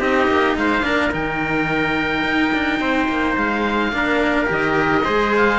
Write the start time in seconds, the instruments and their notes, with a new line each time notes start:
0.00 cello C4 D#4, trumpet G4, oboe D#5
0.28 cello A#3
0.57 cello G#3, trumpet C5, oboe F5
0.83 cello A#3 D4, trumpet A#4
1.11 cello D#3 D#4, oboe G5
2.24 cello D#4
2.54 cello D4
2.80 cello C4, trumpet C5
3.09 cello A#3
3.37 cello G#3, oboe F5
3.93 cello A#3 D4, trumpet A#4
4.46 cello D#3 G4
4.52 oboe D#5
5.05 cello G#3 G#4, trumpet C5
5.37 oboe F5